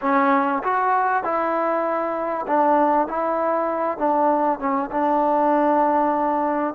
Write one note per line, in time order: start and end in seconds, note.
0.01 0.62 C#4
0.63 1.23 F#4
1.23 2.45 E4
2.47 3.07 D4
3.07 3.98 E4
3.98 4.59 D4
4.59 4.90 C#4
4.91 6.74 D4